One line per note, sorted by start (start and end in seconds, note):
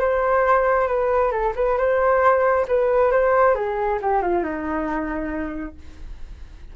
0.00 0.88 C5
0.88 1.32 B4
1.32 1.54 A4
1.56 1.78 B4
1.78 2.66 C5
2.68 3.12 B4
3.12 3.55 C5
3.55 3.99 G#4
4.02 4.22 G4
4.22 4.44 F4
4.44 5.76 D#4